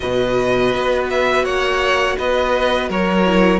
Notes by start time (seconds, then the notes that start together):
0.00 B2 F#4 B4 D#5
0.74 B3
1.09 E5
1.44 A#3 C#5 F#5
2.18 B3 B4 D#5
2.89 F#3 A#4 C#5
3.24 E4